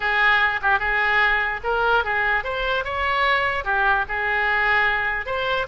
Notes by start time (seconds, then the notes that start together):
0.00 G#4
0.62 G4
0.79 G#4
1.63 A#4
2.04 G#4
2.43 C5
2.84 C#5
3.64 G4
4.08 G#4
5.26 C5